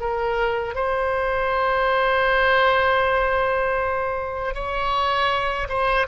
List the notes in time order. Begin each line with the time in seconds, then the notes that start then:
0.00 A#4
0.75 C5
4.54 C#5
5.69 C5